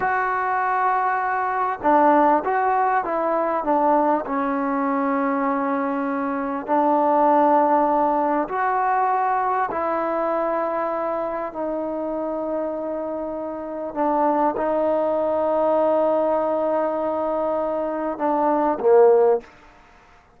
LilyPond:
\new Staff \with { instrumentName = "trombone" } { \time 4/4 \tempo 4 = 99 fis'2. d'4 | fis'4 e'4 d'4 cis'4~ | cis'2. d'4~ | d'2 fis'2 |
e'2. dis'4~ | dis'2. d'4 | dis'1~ | dis'2 d'4 ais4 | }